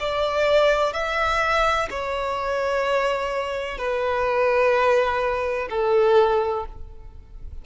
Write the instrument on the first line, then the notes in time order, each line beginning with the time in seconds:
violin
0.00 D5
0.94 E5
1.90 C#5
3.78 B4
5.70 A4